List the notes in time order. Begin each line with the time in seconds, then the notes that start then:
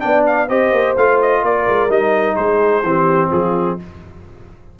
0.00 B3 D4 D5 G5
0.27 F5
0.48 C4 G4 C5 D#5
0.72 A#3
0.97 A3 F4 F5
1.22 D#5
1.42 A#3 A#4 D5
1.68 G#3
1.89 G3 D#4 D#5
2.36 G#3 G#4 C5
2.83 E3 C4 G4
3.30 F3 F4 G#4